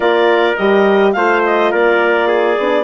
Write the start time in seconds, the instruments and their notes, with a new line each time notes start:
0.00 bassoon A#3, horn F4, trumpet A#4, clarinet D5
0.56 bassoon G3, horn G4, clarinet D#5
1.12 bassoon A3, horn F4, trumpet C5, clarinet F5
1.45 clarinet D#5
1.71 bassoon A#3, trumpet A#4, clarinet D5
2.27 trumpet G#4
2.58 bassoon B3, horn D4